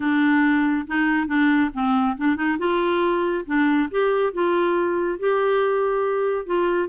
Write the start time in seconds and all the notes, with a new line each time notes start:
0.00 D4
0.87 D#4
1.27 D4
1.73 C4
2.17 D4
2.36 D#4
2.58 F4
3.46 D4
3.90 G4
4.33 F4
5.19 G4
6.46 F4